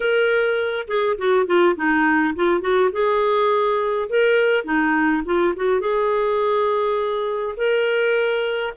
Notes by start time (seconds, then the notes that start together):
0.00 A#4
0.87 G#4
1.18 F#4
1.46 F4
1.76 D#4
2.35 F4
2.60 F#4
2.92 G#4
4.09 A#4
4.64 D#4
5.25 F4
5.56 F#4
5.80 G#4
7.56 A#4